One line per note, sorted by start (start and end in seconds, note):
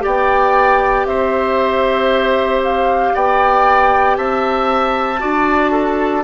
0.00 1.06 B3
0.00 5.17 G4
0.00 1.07 D5
0.00 1.06 G5
1.06 3.12 C4
1.06 3.14 C5
1.06 2.61 E5
2.64 3.15 F5
3.14 4.17 B3
3.14 4.17 D5
3.14 4.17 G5
4.17 5.21 C4
4.17 5.21 E5
4.17 6.24 A5
5.19 6.24 D4
5.19 6.23 F#4
5.19 5.72 D5
5.72 6.23 A4